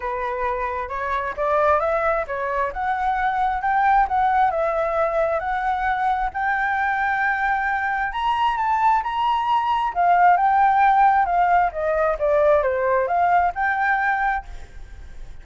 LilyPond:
\new Staff \with { instrumentName = "flute" } { \time 4/4 \tempo 4 = 133 b'2 cis''4 d''4 | e''4 cis''4 fis''2 | g''4 fis''4 e''2 | fis''2 g''2~ |
g''2 ais''4 a''4 | ais''2 f''4 g''4~ | g''4 f''4 dis''4 d''4 | c''4 f''4 g''2 | }